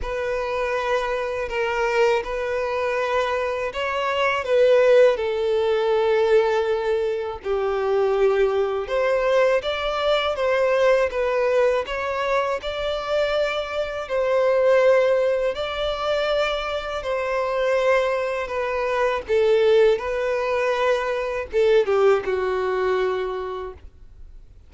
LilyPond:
\new Staff \with { instrumentName = "violin" } { \time 4/4 \tempo 4 = 81 b'2 ais'4 b'4~ | b'4 cis''4 b'4 a'4~ | a'2 g'2 | c''4 d''4 c''4 b'4 |
cis''4 d''2 c''4~ | c''4 d''2 c''4~ | c''4 b'4 a'4 b'4~ | b'4 a'8 g'8 fis'2 | }